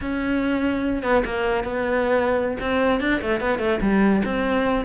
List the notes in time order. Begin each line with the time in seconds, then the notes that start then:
0.01 C#4
1.02 B3
1.24 A#3
1.64 B3
2.60 C4
3.00 D4
3.21 A3
3.40 B3
3.58 A3
3.81 G3
4.24 C4